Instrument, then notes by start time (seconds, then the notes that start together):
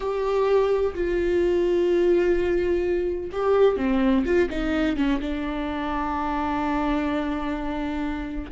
viola
0.00 G4
0.94 F4
3.32 G4
3.76 C4
4.25 F4
4.49 D#4
4.96 C#4
5.20 D4